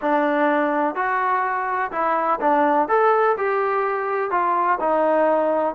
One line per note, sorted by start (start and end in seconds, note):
0.01 0.95 D4
0.95 1.91 F#4
1.91 2.39 E4
2.40 2.88 D4
2.88 3.36 A4
3.37 4.30 G4
4.30 4.78 F4
4.80 5.74 D#4